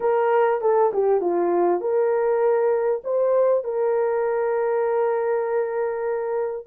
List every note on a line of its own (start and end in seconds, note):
0.00 0.61 A#4
0.61 0.91 A4
0.93 1.20 G4
1.20 1.80 F4
1.80 3.01 A#4
3.04 3.64 C5
3.64 6.66 A#4